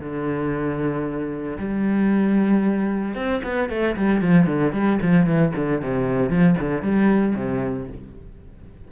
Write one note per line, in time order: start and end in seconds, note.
0.00 1.58 D3
1.59 3.15 G3
3.15 3.41 C4
3.44 3.69 B3
3.69 3.96 A3
3.96 4.21 G3
4.21 4.46 F3
4.46 4.73 D3
4.73 4.99 G3
5.02 5.26 F3
5.26 5.53 E3
5.56 5.82 D3
5.82 6.30 C3
6.30 6.56 F3
6.60 6.82 D3
6.82 7.35 G3
7.36 7.88 C3